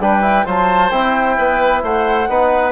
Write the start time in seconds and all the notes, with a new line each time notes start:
0.00 G3 D4 B4 G5
0.22 E4
0.45 F#3 F4 C5 A5
0.91 C4 E4 G5
1.38 B3 B4
1.83 A3 C5 F#5
2.29 B3 D#4 B4